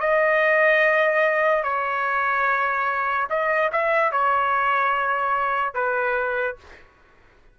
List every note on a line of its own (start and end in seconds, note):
0.00 1.63 D#5
1.63 3.28 C#5
3.30 3.71 D#5
3.72 4.12 E5
4.12 5.74 C#5
5.74 6.56 B4